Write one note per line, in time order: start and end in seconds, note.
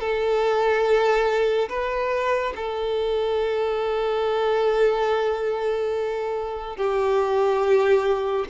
0.00 1.69 A4
1.69 2.54 B4
2.56 6.77 A4
6.77 8.46 G4